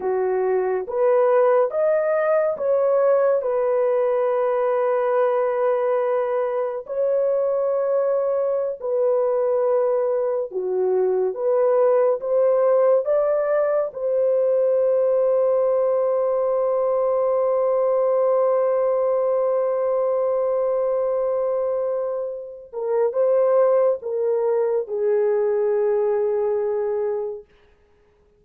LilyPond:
\new Staff \with { instrumentName = "horn" } { \time 4/4 \tempo 4 = 70 fis'4 b'4 dis''4 cis''4 | b'1 | cis''2~ cis''16 b'4.~ b'16~ | b'16 fis'4 b'4 c''4 d''8.~ |
d''16 c''2.~ c''8.~ | c''1~ | c''2~ c''8 ais'8 c''4 | ais'4 gis'2. | }